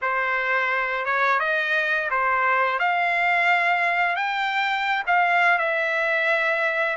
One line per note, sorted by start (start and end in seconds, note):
0.01 1.05 C5
1.05 1.40 C#5
1.40 2.09 D#5
2.10 2.79 C5
2.79 4.16 F5
4.16 5.03 G5
5.06 5.58 F5
5.58 6.96 E5